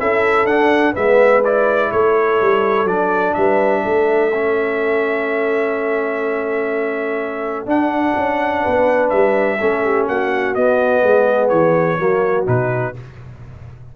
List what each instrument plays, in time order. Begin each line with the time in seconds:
0.00 tuba C#4, trombone E4, horn A4, trumpet E5
0.46 tuba D4, trombone D4, trumpet F#5
0.93 tuba G#3, trombone B3, horn B4, trumpet E5
1.45 trombone E4, trumpet D5
1.92 tuba A3, horn A4, trumpet C#5
2.42 tuba G3
2.85 tuba F#3, trombone D4, trumpet D5
3.34 tuba G3, horn B4, trumpet E5
3.82 tuba A3, horn A4
4.34 trombone C#4
7.66 tuba D4, trombone D4, trumpet F#5
8.17 tuba C#4
8.62 tuba B3, horn B4
9.10 tuba G3, trumpet E5
9.60 tuba A3, trombone C#4, horn A4
9.84 horn G4
10.08 tuba A#3, horn F#4, trumpet F#5
10.55 trombone B3, tuba B3, trumpet D#5
11.03 tuba G#3, horn G#4
11.49 tuba E3, trumpet C#5
11.99 tuba F#3, trombone A#3, horn F#4
12.46 tuba B2, trombone D#4, trumpet B4